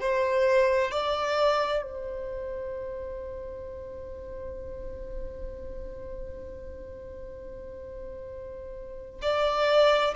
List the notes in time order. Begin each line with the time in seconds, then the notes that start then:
0.00 C5
0.91 D5
1.83 C5
9.22 D5